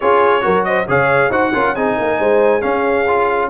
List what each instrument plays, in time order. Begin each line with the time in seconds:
0.00 tuba C#4, trombone F4, horn G#4, trumpet C#5
0.41 tuba F#3, trombone F#4, horn A#4
0.64 horn C5, trumpet D#5
0.88 tuba C#3, trombone G#4, horn C#5, trumpet F5
1.29 tuba D#4, trombone F#4, horn C5, trumpet F#5
1.53 tuba C#4, trombone F4, horn A#4
1.74 tuba C4, trombone D#4, horn G#4, trumpet G#5
1.98 tuba A#3, horn A#4
2.19 tuba G#3, horn C5
2.61 trombone C#4, tuba C#4, horn G#4, trumpet F5
3.07 trombone F4